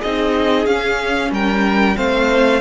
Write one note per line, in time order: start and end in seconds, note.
0.00 0.67 C4
0.00 0.69 D#4
0.00 1.30 G#4
0.00 0.66 D#5
0.66 1.32 C#4
0.66 1.96 C#4
0.66 1.32 F5
1.32 1.97 G3
1.32 1.97 A#4
1.32 1.98 G5
1.96 2.61 A3
1.96 2.61 C4
1.96 2.61 C5
1.96 2.61 F5